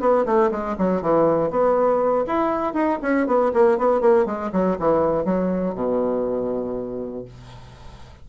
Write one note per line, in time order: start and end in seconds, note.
0.00 0.25 B3
0.25 0.50 A3
0.51 0.76 G#3
0.77 1.01 F#3
1.01 1.50 E3
1.50 2.25 B3
2.26 2.74 E4
2.74 2.99 D#4
3.02 3.26 C#4
3.26 3.51 B3
3.53 3.78 A#3
3.78 4.01 B3
4.01 4.25 A#3
4.25 4.50 G#3
4.52 4.77 F#3
4.79 5.25 E3
5.25 5.75 F#3
5.75 7.25 B2